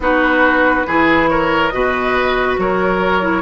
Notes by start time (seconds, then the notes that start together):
0.00 B3 D#4 F#4 B4
0.86 E3 E4 G#4
1.28 A#4 C#5
1.69 B2 F#4 B4 D#5
2.58 F#3 A#4 C#5
3.21 E4